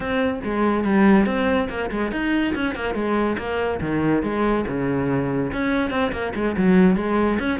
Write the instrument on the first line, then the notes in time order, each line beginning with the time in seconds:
cello
0.00 C4
0.44 G#3
0.84 G3
1.26 C4
1.69 A#3
1.91 G#3
2.11 D#4
2.55 C#4
2.75 A#3
2.94 G#3
3.37 A#3
3.80 D#3
4.23 G#3
4.67 C#3
5.52 C#4
5.90 C4
6.12 A#3
6.34 G#3
6.57 F#3
6.96 G#3
7.39 C#4